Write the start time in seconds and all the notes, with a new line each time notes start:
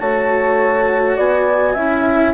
0.00 A3 F#4 C#5 A5
1.17 B3 D5 G#5
1.74 C#4 E4 E5